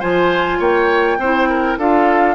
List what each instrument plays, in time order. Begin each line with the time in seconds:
0.00 bassoon F3, clarinet F4, oboe C5, flute G#5
0.59 bassoon A#3, oboe C#5, flute G5
1.18 bassoon C4, clarinet E4, oboe C5
1.50 oboe A#4
1.78 bassoon D4, clarinet F4, oboe A4, flute F5